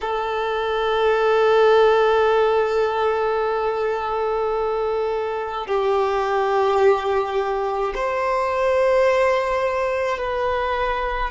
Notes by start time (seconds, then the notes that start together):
0.01 A4
5.67 G4
7.95 C5
10.18 B4